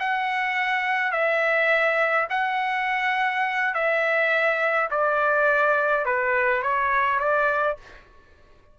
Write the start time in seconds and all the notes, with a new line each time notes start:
0.00 F#5
1.12 E5
2.30 F#5
3.74 E5
4.91 D5
6.06 B4
6.63 C#5
7.20 D5